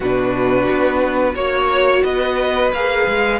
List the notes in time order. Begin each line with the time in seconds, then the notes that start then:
0.00 B2 D4 F#4 B4
0.69 B3
1.34 A#3 F#4 C#5
2.03 B3 B4 D#5
2.73 A#3 G#4 F5
3.07 G#3